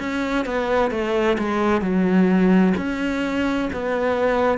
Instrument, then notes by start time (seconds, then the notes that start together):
cello
0.00 C#4
0.46 B3
0.91 A3
1.38 G#3
1.82 F#3
2.77 C#4
3.73 B3